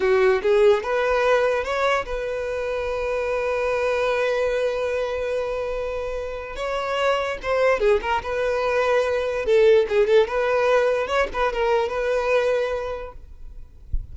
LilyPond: \new Staff \with { instrumentName = "violin" } { \time 4/4 \tempo 4 = 146 fis'4 gis'4 b'2 | cis''4 b'2.~ | b'1~ | b'1 |
cis''2 c''4 gis'8 ais'8 | b'2. a'4 | gis'8 a'8 b'2 cis''8 b'8 | ais'4 b'2. | }